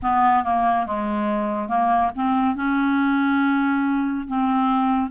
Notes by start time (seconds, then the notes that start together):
0.02 B3
0.44 A#3
0.86 G#3
1.68 A#3
2.15 C4
2.55 C#4
4.27 C4